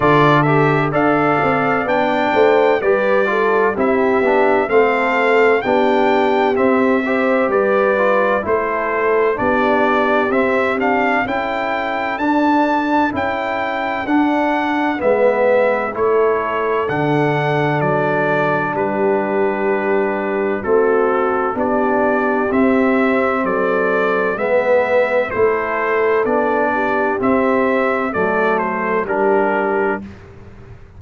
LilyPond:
<<
  \new Staff \with { instrumentName = "trumpet" } { \time 4/4 \tempo 4 = 64 d''8 e''8 f''4 g''4 d''4 | e''4 f''4 g''4 e''4 | d''4 c''4 d''4 e''8 f''8 | g''4 a''4 g''4 fis''4 |
e''4 cis''4 fis''4 d''4 | b'2 a'4 d''4 | e''4 d''4 e''4 c''4 | d''4 e''4 d''8 c''8 ais'4 | }
  \new Staff \with { instrumentName = "horn" } { \time 4/4 a'4 d''4. c''8 b'8 a'8 | g'4 a'4 g'4. c''8 | b'4 a'4 g'2 | a'1 |
b'4 a'2. | g'2 fis'4 g'4~ | g'4 a'4 b'4 a'4~ | a'8 g'4. a'4 g'4 | }
  \new Staff \with { instrumentName = "trombone" } { \time 4/4 f'8 g'8 a'4 d'4 g'8 f'8 | e'8 d'8 c'4 d'4 c'8 g'8~ | g'8 f'8 e'4 d'4 c'8 d'8 | e'4 d'4 e'4 d'4 |
b4 e'4 d'2~ | d'2 c'4 d'4 | c'2 b4 e'4 | d'4 c'4 a4 d'4 | }
  \new Staff \with { instrumentName = "tuba" } { \time 4/4 d4 d'8 c'8 b8 a8 g4 | c'8 b8 a4 b4 c'4 | g4 a4 b4 c'4 | cis'4 d'4 cis'4 d'4 |
gis4 a4 d4 fis4 | g2 a4 b4 | c'4 fis4 gis4 a4 | b4 c'4 fis4 g4 | }
>>